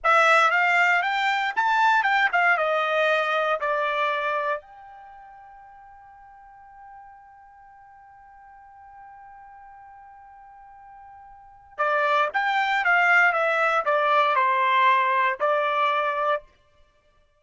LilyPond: \new Staff \with { instrumentName = "trumpet" } { \time 4/4 \tempo 4 = 117 e''4 f''4 g''4 a''4 | g''8 f''8 dis''2 d''4~ | d''4 g''2.~ | g''1~ |
g''1~ | g''2. d''4 | g''4 f''4 e''4 d''4 | c''2 d''2 | }